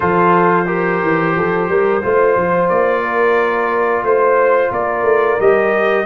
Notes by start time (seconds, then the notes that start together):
0.00 F3 F4 A4 C5
0.66 G4 A#4
1.02 E3
1.35 F3 A4
1.69 G3 A#4
2.02 A3 F4 C5
2.36 F3
2.68 A#3 D5
3.02 A#4
4.03 A3 C5
4.71 A#3 A#4 D5
5.03 A3
5.39 G3 G4 D#5